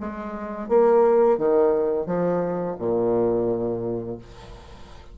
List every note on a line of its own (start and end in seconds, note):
0.00 0.68 G#3
0.68 1.38 A#3
1.38 2.06 D#3
2.06 2.76 F3
2.79 4.18 A#2